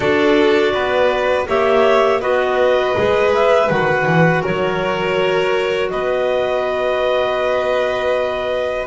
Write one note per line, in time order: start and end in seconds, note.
0.00 0.73 D4
0.00 1.47 F#4
0.00 0.72 A4
0.00 1.45 D5
0.73 1.47 B3
0.73 1.47 B4
1.47 2.21 A#3
1.47 2.21 G4
1.47 2.21 C#5
1.47 2.21 E5
2.21 2.95 B3
2.21 2.95 F#4
2.21 4.41 B4
2.21 3.32 D#5
2.96 3.70 G#3
2.96 3.68 G#4
3.34 3.69 E5
3.68 4.05 D#3
3.68 8.86 F#4
3.68 4.43 F#5
4.05 4.42 E3
4.41 5.93 F#3
4.41 5.89 A#4
4.41 5.90 C#5
5.90 8.87 B3
5.90 8.87 B4
5.90 8.86 D#5